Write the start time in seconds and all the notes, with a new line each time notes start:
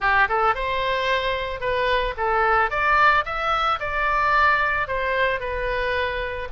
0.00 G4
0.28 A4
0.55 C5
1.60 B4
2.17 A4
2.70 D5
3.25 E5
3.79 D5
4.87 C5
5.40 B4